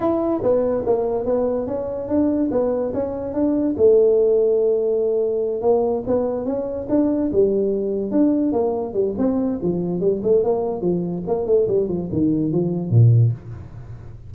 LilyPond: \new Staff \with { instrumentName = "tuba" } { \time 4/4 \tempo 4 = 144 e'4 b4 ais4 b4 | cis'4 d'4 b4 cis'4 | d'4 a2.~ | a4. ais4 b4 cis'8~ |
cis'8 d'4 g2 d'8~ | d'8 ais4 g8 c'4 f4 | g8 a8 ais4 f4 ais8 a8 | g8 f8 dis4 f4 ais,4 | }